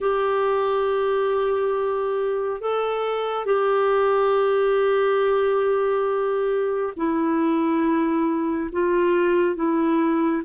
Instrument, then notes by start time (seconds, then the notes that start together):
clarinet
0.00 G4
2.60 A4
3.45 G4
6.96 E4
8.72 F4
9.55 E4